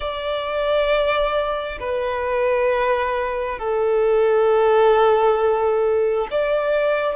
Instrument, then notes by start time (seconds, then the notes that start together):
violin
0.00 D5
1.80 B4
3.59 A4
6.31 D5